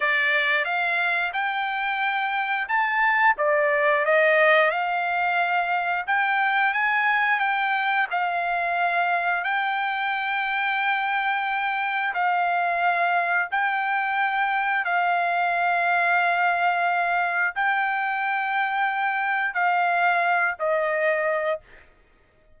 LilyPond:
\new Staff \with { instrumentName = "trumpet" } { \time 4/4 \tempo 4 = 89 d''4 f''4 g''2 | a''4 d''4 dis''4 f''4~ | f''4 g''4 gis''4 g''4 | f''2 g''2~ |
g''2 f''2 | g''2 f''2~ | f''2 g''2~ | g''4 f''4. dis''4. | }